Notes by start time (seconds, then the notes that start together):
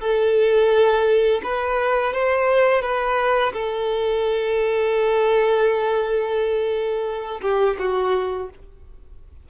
0.00 A4
1.43 B4
2.13 C5
2.82 B4
3.53 A4
7.41 G4
7.79 F#4